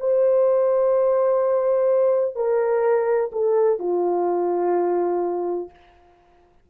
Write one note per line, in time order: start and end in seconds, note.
0.00 2.35 C5
2.35 3.31 A#4
3.32 3.79 A4
3.79 5.70 F4